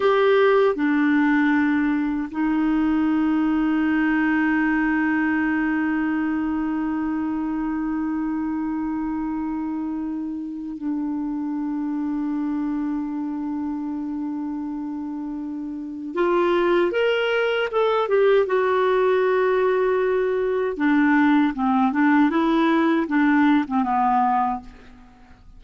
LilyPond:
\new Staff \with { instrumentName = "clarinet" } { \time 4/4 \tempo 4 = 78 g'4 d'2 dis'4~ | dis'1~ | dis'1~ | dis'2 d'2~ |
d'1~ | d'4 f'4 ais'4 a'8 g'8 | fis'2. d'4 | c'8 d'8 e'4 d'8. c'16 b4 | }